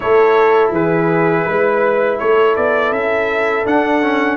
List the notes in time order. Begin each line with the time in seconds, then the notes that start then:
0.00 A3 E4 A4 C#5
0.71 E3 G#4 B4
1.45 G#3 B4
2.19 A3 A4 C#5
2.56 B3 D5
2.91 C#4 E5
3.65 D4 F#5
4.02 C#4